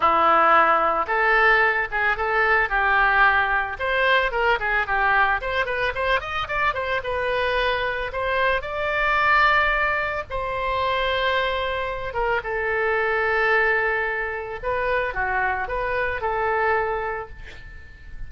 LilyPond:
\new Staff \with { instrumentName = "oboe" } { \time 4/4 \tempo 4 = 111 e'2 a'4. gis'8 | a'4 g'2 c''4 | ais'8 gis'8 g'4 c''8 b'8 c''8 dis''8 | d''8 c''8 b'2 c''4 |
d''2. c''4~ | c''2~ c''8 ais'8 a'4~ | a'2. b'4 | fis'4 b'4 a'2 | }